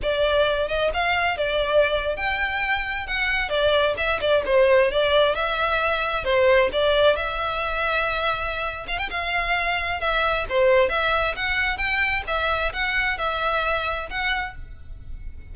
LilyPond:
\new Staff \with { instrumentName = "violin" } { \time 4/4 \tempo 4 = 132 d''4. dis''8 f''4 d''4~ | d''8. g''2 fis''4 d''16~ | d''8. e''8 d''8 c''4 d''4 e''16~ | e''4.~ e''16 c''4 d''4 e''16~ |
e''2.~ e''8 f''16 g''16 | f''2 e''4 c''4 | e''4 fis''4 g''4 e''4 | fis''4 e''2 fis''4 | }